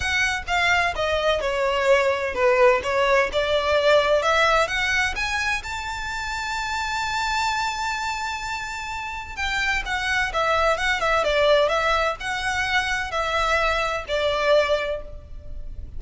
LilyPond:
\new Staff \with { instrumentName = "violin" } { \time 4/4 \tempo 4 = 128 fis''4 f''4 dis''4 cis''4~ | cis''4 b'4 cis''4 d''4~ | d''4 e''4 fis''4 gis''4 | a''1~ |
a''1 | g''4 fis''4 e''4 fis''8 e''8 | d''4 e''4 fis''2 | e''2 d''2 | }